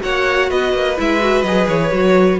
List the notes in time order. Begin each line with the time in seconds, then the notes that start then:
0.00 A#3 F#4 C#5 F#5
0.49 B3 B4 D#5
0.73 A#3
0.97 G#3 E4 E5
1.20 F#4
1.42 F#3 G#4 D#5
1.67 E3 C#5
1.91 F#3 F#4